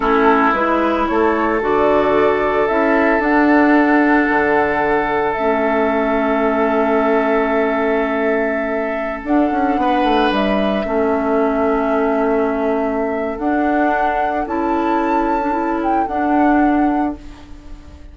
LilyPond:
<<
  \new Staff \with { instrumentName = "flute" } { \time 4/4 \tempo 4 = 112 a'4 b'4 cis''4 d''4~ | d''4 e''4 fis''2~ | fis''2 e''2~ | e''1~ |
e''4~ e''16 fis''2 e''8.~ | e''1~ | e''4 fis''2 a''4~ | a''4. g''8 fis''2 | }
  \new Staff \with { instrumentName = "oboe" } { \time 4/4 e'2 a'2~ | a'1~ | a'1~ | a'1~ |
a'2~ a'16 b'4.~ b'16~ | b'16 a'2.~ a'8.~ | a'1~ | a'1 | }
  \new Staff \with { instrumentName = "clarinet" } { \time 4/4 cis'4 e'2 fis'4~ | fis'4 e'4 d'2~ | d'2 cis'2~ | cis'1~ |
cis'4~ cis'16 d'2~ d'8.~ | d'16 cis'2.~ cis'8.~ | cis'4 d'2 e'4~ | e'8. d'16 e'4 d'2 | }
  \new Staff \with { instrumentName = "bassoon" } { \time 4/4 a4 gis4 a4 d4~ | d4 cis'4 d'2 | d2 a2~ | a1~ |
a4~ a16 d'8 cis'8 b8 a8 g8.~ | g16 a2.~ a8.~ | a4 d'2 cis'4~ | cis'2 d'2 | }
>>